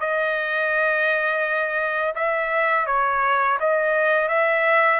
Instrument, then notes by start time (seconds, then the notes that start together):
trumpet
0.00 D#5
2.15 E5
2.86 C#5
3.60 D#5
4.28 E5